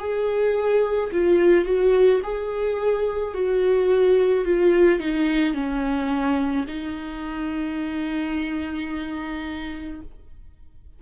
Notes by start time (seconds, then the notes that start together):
0.00 G#4
1.13 F4
1.66 F#4
2.24 G#4
3.34 F#4
4.45 F4
5.00 D#4
5.55 C#4
6.68 D#4